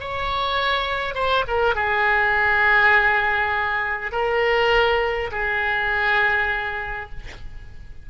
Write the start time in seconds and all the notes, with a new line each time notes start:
0.00 C#5
1.14 C5
1.47 A#4
1.75 G#4
4.12 A#4
5.31 G#4